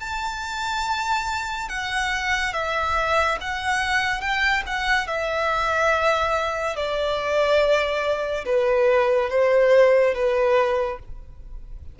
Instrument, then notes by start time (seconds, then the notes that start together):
violin
0.00 A5
1.69 F#5
2.54 E5
3.41 F#5
4.21 G5
4.66 F#5
5.07 E5
6.76 D5
8.45 B4
9.30 C5
10.14 B4